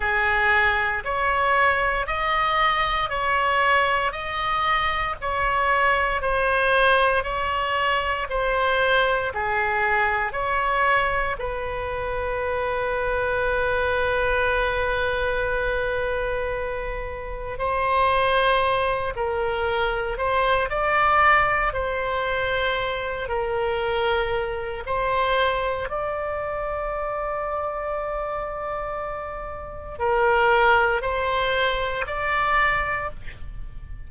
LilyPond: \new Staff \with { instrumentName = "oboe" } { \time 4/4 \tempo 4 = 58 gis'4 cis''4 dis''4 cis''4 | dis''4 cis''4 c''4 cis''4 | c''4 gis'4 cis''4 b'4~ | b'1~ |
b'4 c''4. ais'4 c''8 | d''4 c''4. ais'4. | c''4 d''2.~ | d''4 ais'4 c''4 d''4 | }